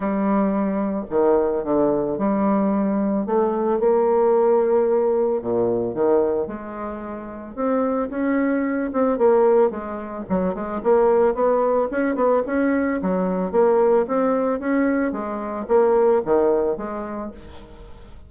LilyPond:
\new Staff \with { instrumentName = "bassoon" } { \time 4/4 \tempo 4 = 111 g2 dis4 d4 | g2 a4 ais4~ | ais2 ais,4 dis4 | gis2 c'4 cis'4~ |
cis'8 c'8 ais4 gis4 fis8 gis8 | ais4 b4 cis'8 b8 cis'4 | fis4 ais4 c'4 cis'4 | gis4 ais4 dis4 gis4 | }